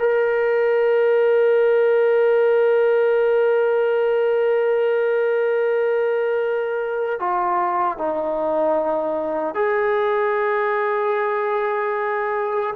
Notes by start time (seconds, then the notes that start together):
0.00 A#4
7.20 F4
7.98 D#4
9.55 G#4